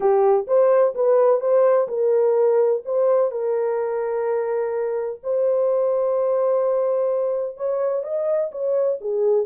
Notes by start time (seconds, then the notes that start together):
0.00 G4
0.47 C5
0.94 B4
1.40 C5
1.88 A#4
2.85 C5
3.31 A#4
5.23 C5
7.56 C#5
8.03 D#5
8.51 C#5
9.01 G#4